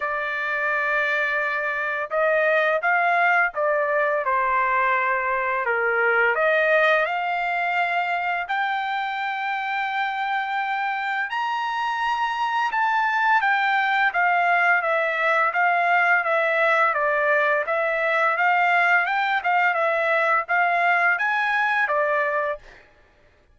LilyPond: \new Staff \with { instrumentName = "trumpet" } { \time 4/4 \tempo 4 = 85 d''2. dis''4 | f''4 d''4 c''2 | ais'4 dis''4 f''2 | g''1 |
ais''2 a''4 g''4 | f''4 e''4 f''4 e''4 | d''4 e''4 f''4 g''8 f''8 | e''4 f''4 gis''4 d''4 | }